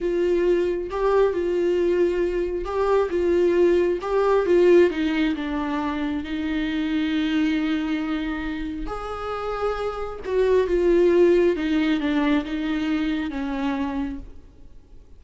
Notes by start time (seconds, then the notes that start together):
0.01 F4
0.90 G4
1.33 F4
2.64 G4
3.10 F4
4.01 G4
4.46 F4
4.90 D#4
5.35 D4
6.24 D#4
8.86 G#4
10.25 F#4
10.67 F4
11.56 D#4
12.00 D4
12.44 D#4
13.30 C#4